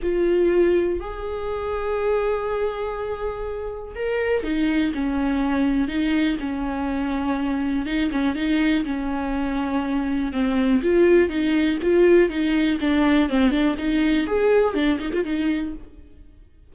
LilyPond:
\new Staff \with { instrumentName = "viola" } { \time 4/4 \tempo 4 = 122 f'2 gis'2~ | gis'1 | ais'4 dis'4 cis'2 | dis'4 cis'2. |
dis'8 cis'8 dis'4 cis'2~ | cis'4 c'4 f'4 dis'4 | f'4 dis'4 d'4 c'8 d'8 | dis'4 gis'4 d'8 dis'16 f'16 dis'4 | }